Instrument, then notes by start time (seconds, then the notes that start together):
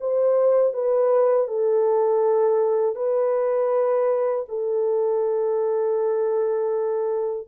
horn
0.00 C5
0.73 B4
1.48 A4
2.96 B4
4.49 A4